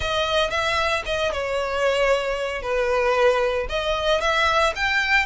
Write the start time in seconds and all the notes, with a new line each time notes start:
0.00 D#5
0.50 E5
1.05 D#5
1.32 C#5
2.62 B4
3.69 D#5
4.20 E5
4.75 G5